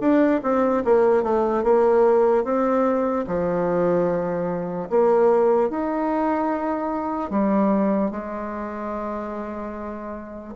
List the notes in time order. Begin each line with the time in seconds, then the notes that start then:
0.00 D4
0.43 C4
0.84 A#3
1.23 A3
1.63 A#3
2.44 C4
3.27 F3
4.89 A#3
5.69 D#4
7.30 G3
8.11 G#3